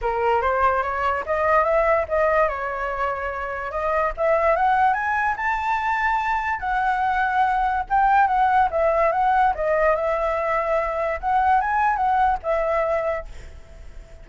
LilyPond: \new Staff \with { instrumentName = "flute" } { \time 4/4 \tempo 4 = 145 ais'4 c''4 cis''4 dis''4 | e''4 dis''4 cis''2~ | cis''4 dis''4 e''4 fis''4 | gis''4 a''2. |
fis''2. g''4 | fis''4 e''4 fis''4 dis''4 | e''2. fis''4 | gis''4 fis''4 e''2 | }